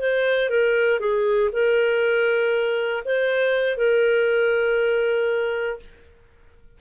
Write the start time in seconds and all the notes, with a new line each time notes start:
0.00 C5
0.50 A#4
1.00 G#4
1.53 A#4
3.05 C5
3.78 A#4